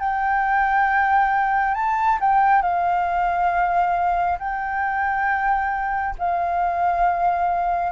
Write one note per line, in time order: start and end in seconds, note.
0.00 1.75 G5
1.75 2.19 A5
2.21 2.62 G5
2.62 4.39 F5
4.39 6.16 G5
6.18 7.93 F5